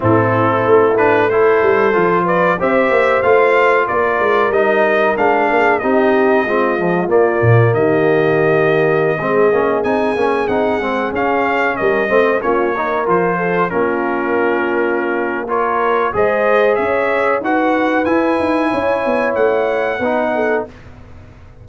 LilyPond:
<<
  \new Staff \with { instrumentName = "trumpet" } { \time 4/4 \tempo 4 = 93 a'4. b'8 c''4. d''8 | e''4 f''4 d''4 dis''4 | f''4 dis''2 d''4 | dis''2.~ dis''16 gis''8.~ |
gis''16 fis''4 f''4 dis''4 cis''8.~ | cis''16 c''4 ais'2~ ais'8. | cis''4 dis''4 e''4 fis''4 | gis''2 fis''2 | }
  \new Staff \with { instrumentName = "horn" } { \time 4/4 e'2 a'4. b'8 | c''2 ais'2~ | ais'8 gis'8 g'4 f'2 | g'2~ g'16 gis'4.~ gis'16~ |
gis'2~ gis'16 ais'8 c''8 f'8 ais'16~ | ais'8. a'8 f'2~ f'8. | ais'4 c''4 cis''4 b'4~ | b'4 cis''2 b'8 a'8 | }
  \new Staff \with { instrumentName = "trombone" } { \time 4/4 c'4. d'8 e'4 f'4 | g'4 f'2 dis'4 | d'4 dis'4 c'8 f8 ais4~ | ais2~ ais16 c'8 cis'8 dis'8 cis'16~ |
cis'16 dis'8 c'8 cis'4. c'8 cis'8 dis'16~ | dis'16 f'4 cis'2~ cis'8. | f'4 gis'2 fis'4 | e'2. dis'4 | }
  \new Staff \with { instrumentName = "tuba" } { \time 4/4 a,4 a4. g8 f4 | c'8 ais8 a4 ais8 gis8 g4 | gis8 ais8 c'4 gis4 ais8 ais,8 | dis2~ dis16 gis8 ais8 c'8 ais16~ |
ais16 c'8 gis8 cis'4 g8 a8 ais8.~ | ais16 f4 ais2~ ais8.~ | ais4 gis4 cis'4 dis'4 | e'8 dis'8 cis'8 b8 a4 b4 | }
>>